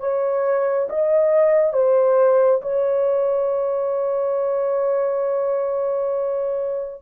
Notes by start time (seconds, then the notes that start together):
0.00 C#5
0.89 D#5
1.73 C5
2.62 C#5